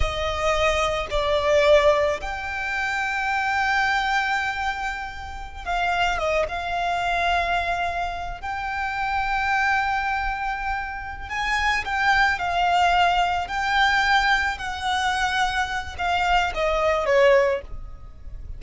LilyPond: \new Staff \with { instrumentName = "violin" } { \time 4/4 \tempo 4 = 109 dis''2 d''2 | g''1~ | g''2~ g''16 f''4 dis''8 f''16~ | f''2.~ f''16 g''8.~ |
g''1~ | g''8 gis''4 g''4 f''4.~ | f''8 g''2 fis''4.~ | fis''4 f''4 dis''4 cis''4 | }